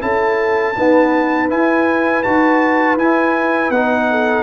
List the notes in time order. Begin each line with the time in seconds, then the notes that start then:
0.00 C#4 E4 A4 A5
0.76 B3 D#4 B4
1.49 E4 G#5
2.22 D#4 F#4 A5
2.96 E4 G#5
3.70 B3 D#4 F#5
4.10 A4